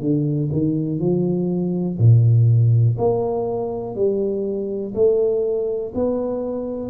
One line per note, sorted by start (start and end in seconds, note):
0.00 0.49 D3
0.52 0.99 D#3
0.99 1.98 F3
1.98 2.96 A#2
2.98 3.95 A#3
3.95 4.93 G3
4.94 5.92 A3
5.94 6.89 B3